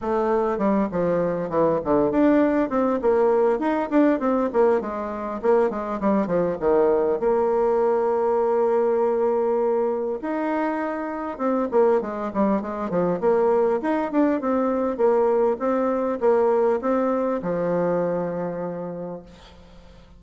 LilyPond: \new Staff \with { instrumentName = "bassoon" } { \time 4/4 \tempo 4 = 100 a4 g8 f4 e8 d8 d'8~ | d'8 c'8 ais4 dis'8 d'8 c'8 ais8 | gis4 ais8 gis8 g8 f8 dis4 | ais1~ |
ais4 dis'2 c'8 ais8 | gis8 g8 gis8 f8 ais4 dis'8 d'8 | c'4 ais4 c'4 ais4 | c'4 f2. | }